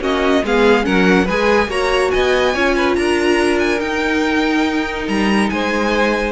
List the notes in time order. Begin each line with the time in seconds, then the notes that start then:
0.00 A#3 C#4 F#4 D#5
0.44 G#3 B3 G#4 F5
0.83 F#3 C#4 A#4 F#5
1.25 G#3 G#4 B4 G#5
1.67 A#3 F#4 C#5 A#5
2.10 B3 D#5 G#5
2.54 C#4 F4 C#5
2.75 B4
2.95 D4 A#4 A#5
3.59 G#5
3.78 D#4 G5
5.08 G3 A#5
5.49 G#3 C5 G#5